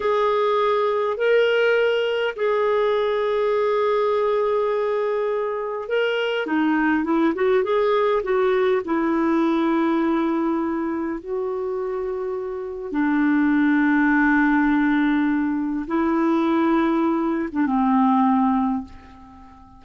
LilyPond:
\new Staff \with { instrumentName = "clarinet" } { \time 4/4 \tempo 4 = 102 gis'2 ais'2 | gis'1~ | gis'2 ais'4 dis'4 | e'8 fis'8 gis'4 fis'4 e'4~ |
e'2. fis'4~ | fis'2 d'2~ | d'2. e'4~ | e'4.~ e'16 d'16 c'2 | }